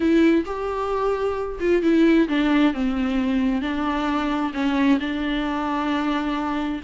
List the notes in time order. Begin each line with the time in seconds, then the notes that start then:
0.00 E4
0.45 G4
1.60 F4
1.82 E4
2.28 D4
2.73 C4
3.61 D4
4.53 C#4
5.00 D4